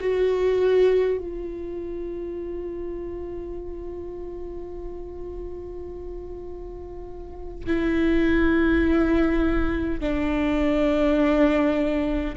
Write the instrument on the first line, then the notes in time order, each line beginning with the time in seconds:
viola
0.00 F#4
1.18 F4
7.66 E4
10.00 D4